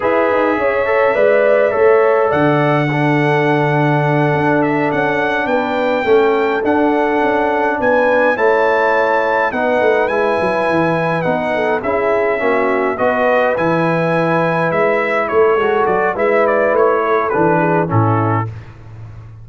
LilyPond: <<
  \new Staff \with { instrumentName = "trumpet" } { \time 4/4 \tempo 4 = 104 e''1 | fis''1 | e''8 fis''4 g''2 fis''8~ | fis''4. gis''4 a''4.~ |
a''8 fis''4 gis''2 fis''8~ | fis''8 e''2 dis''4 gis''8~ | gis''4. e''4 cis''4 d''8 | e''8 d''8 cis''4 b'4 a'4 | }
  \new Staff \with { instrumentName = "horn" } { \time 4/4 b'4 cis''4 d''4 cis''4 | d''4 a'2.~ | a'4. b'4 a'4.~ | a'4. b'4 cis''4.~ |
cis''8 b'2.~ b'8 | a'8 gis'4 fis'4 b'4.~ | b'2~ b'8 a'4. | b'4. a'4 gis'8 e'4 | }
  \new Staff \with { instrumentName = "trombone" } { \time 4/4 gis'4. a'8 b'4 a'4~ | a'4 d'2.~ | d'2~ d'8 cis'4 d'8~ | d'2~ d'8 e'4.~ |
e'8 dis'4 e'2 dis'8~ | dis'8 e'4 cis'4 fis'4 e'8~ | e'2. fis'4 | e'2 d'4 cis'4 | }
  \new Staff \with { instrumentName = "tuba" } { \time 4/4 e'8 dis'8 cis'4 gis4 a4 | d2.~ d8 d'8~ | d'8 cis'4 b4 a4 d'8~ | d'8 cis'4 b4 a4.~ |
a8 b8 a8 gis8 fis8 e4 b8~ | b8 cis'4 ais4 b4 e8~ | e4. gis4 a8 gis8 fis8 | gis4 a4 e4 a,4 | }
>>